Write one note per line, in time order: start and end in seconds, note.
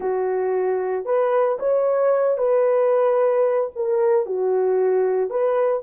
0.00 1.05 F#4
1.05 1.58 B4
1.59 2.37 C#5
2.37 3.70 B4
3.75 4.26 A#4
4.26 5.30 F#4
5.30 5.83 B4